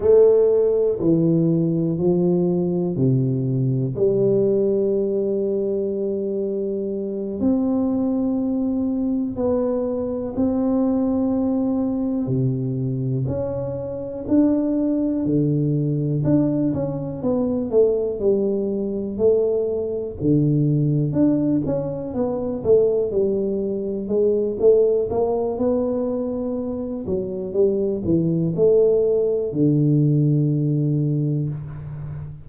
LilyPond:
\new Staff \with { instrumentName = "tuba" } { \time 4/4 \tempo 4 = 61 a4 e4 f4 c4 | g2.~ g8 c'8~ | c'4. b4 c'4.~ | c'8 c4 cis'4 d'4 d8~ |
d8 d'8 cis'8 b8 a8 g4 a8~ | a8 d4 d'8 cis'8 b8 a8 g8~ | g8 gis8 a8 ais8 b4. fis8 | g8 e8 a4 d2 | }